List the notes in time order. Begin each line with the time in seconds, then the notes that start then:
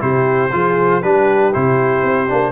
0.00 C3 E4 G4 C5
0.52 F3 F4 G#4
1.02 G3 D4 G4 B4
1.53 C3 E4 C5
2.04 C4
2.28 A#3 D4